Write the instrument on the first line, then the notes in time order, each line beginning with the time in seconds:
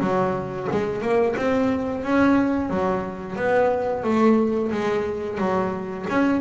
double bass
0.00 F#3
0.71 G#3
1.01 A#3
1.36 C4
2.03 C#4
2.70 F#3
3.36 B3
4.04 A3
4.72 G#3
5.38 F#3
6.09 C#4